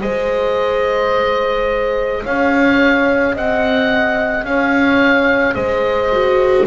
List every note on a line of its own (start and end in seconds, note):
0.00 2.24 G#3
0.00 6.11 G#4
0.00 2.23 C5
0.00 2.24 D#5
2.23 3.36 C#4
2.23 3.34 C#5
2.23 3.36 F5
3.34 4.44 C4
3.34 4.45 D#5
3.34 4.46 F#5
4.44 5.55 C#4
4.44 5.55 C#5
4.44 5.55 F5
5.55 6.67 G#3
5.55 6.66 C5
5.55 6.66 D#5
6.12 6.67 F#4